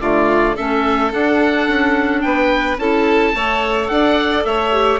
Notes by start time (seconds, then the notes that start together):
0.00 D3 A3 F4 D5
0.55 A3 C#4 A4 E5
1.11 D4 F#5
1.68 C#4
2.21 B3 B4 G5
2.78 C#4 E4 A4 A5
3.34 A3 A4 C#5
3.88 D4 D5 F#5
4.45 A3 C#5 E5
4.72 G4